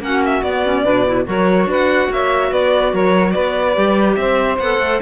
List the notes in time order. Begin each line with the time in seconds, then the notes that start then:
0.00 A#3 C#4 F#4 F#5
0.25 E5
0.42 B3 D5
0.65 C#4
0.83 B2 D4 B4
1.06 E4
1.25 F#3 F#4 A#4 C#5
1.66 D4 B4
1.72 F#5
2.10 A#3 C#5 E5
2.50 B3 B4 D5
2.92 F#3 A#4 C#5
3.31 B3 B4 D5
3.75 G3 G4
4.16 C4 C5 E5
4.59 B3 A4 F#5
4.79 A3